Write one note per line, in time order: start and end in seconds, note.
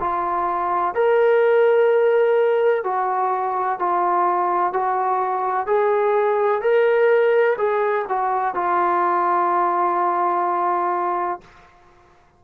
0.00 0.95 F4
0.95 2.84 A#4
2.84 3.79 F#4
3.79 4.73 F4
4.73 5.67 F#4
5.67 6.61 G#4
6.61 7.57 A#4
7.58 8.06 G#4
8.09 8.55 F#4
8.55 11.41 F4